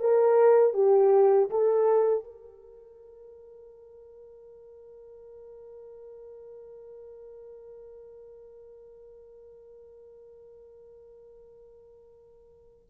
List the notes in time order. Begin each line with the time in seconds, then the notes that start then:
0.00 A#4
0.74 G4
1.50 A4
2.24 A#4